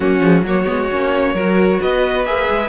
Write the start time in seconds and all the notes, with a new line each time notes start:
0.00 F#3 A#3 C#4 F#4
0.20 F3 G#3
0.42 F#3 A#3 F#4 C#5
0.65 G#3 B3
0.90 A#3 C#4
1.34 F#3 F#4 A#4
1.80 B3 B4 D#5
2.25 A#3 G#4 E5
2.49 G#3